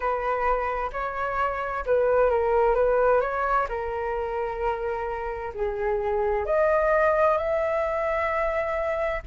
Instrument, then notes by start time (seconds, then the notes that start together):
flute
0.00 B4
0.92 C#5
1.85 B4
2.30 A#4
2.74 B4
3.21 C#5
3.68 A#4
5.53 G#4
6.45 D#5
7.37 E5